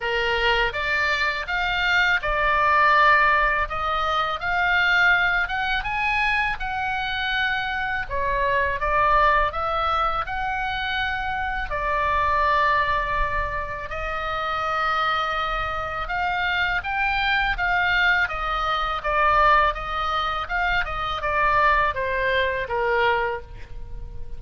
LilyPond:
\new Staff \with { instrumentName = "oboe" } { \time 4/4 \tempo 4 = 82 ais'4 d''4 f''4 d''4~ | d''4 dis''4 f''4. fis''8 | gis''4 fis''2 cis''4 | d''4 e''4 fis''2 |
d''2. dis''4~ | dis''2 f''4 g''4 | f''4 dis''4 d''4 dis''4 | f''8 dis''8 d''4 c''4 ais'4 | }